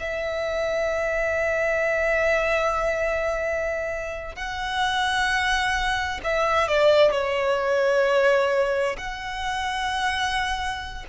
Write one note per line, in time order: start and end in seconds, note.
0.00 4.36 E5
4.36 6.21 F#5
6.24 6.68 E5
6.68 7.12 D5
7.12 8.97 C#5
8.98 11.06 F#5